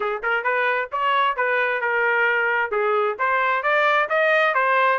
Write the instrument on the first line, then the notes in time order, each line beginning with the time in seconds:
trumpet
0.00 G#4
0.22 A#4
0.43 B4
0.92 C#5
1.36 B4
1.81 A#4
2.71 G#4
3.18 C5
3.63 D5
4.09 D#5
4.54 C5